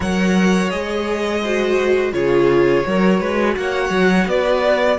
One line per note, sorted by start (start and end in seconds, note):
0.00 0.71 F#3
0.00 0.71 A#4
0.00 1.41 C#5
0.00 0.70 F#5
0.70 2.12 G#3
0.70 1.42 G#4
0.70 2.12 D#5
1.42 2.12 F#4
1.42 2.13 C5
2.12 2.84 C#3
2.12 2.83 F4
2.12 2.86 G#4
2.12 3.56 C#5
2.85 3.20 F#3
2.85 4.98 F#4
2.85 3.19 A#4
3.19 3.56 G#3
3.19 3.55 B4
3.57 3.89 A#3
3.57 4.29 C#5
3.57 4.28 F#5
3.89 4.25 F#3
4.27 4.98 B3
4.27 4.98 B4
4.27 4.98 D5